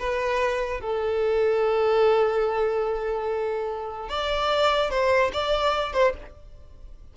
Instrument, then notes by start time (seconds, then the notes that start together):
violin
0.00 B4
0.81 A4
4.09 D5
4.91 C5
5.33 D5
5.93 C5